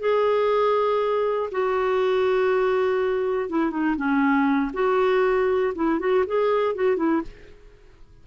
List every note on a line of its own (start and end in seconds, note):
0.00 1.50 G#4
1.52 3.50 F#4
3.50 3.71 E4
3.71 3.96 D#4
3.97 4.72 C#4
4.74 5.74 F#4
5.75 6.00 E4
6.00 6.25 F#4
6.27 6.75 G#4
6.75 6.97 F#4
6.97 7.22 E4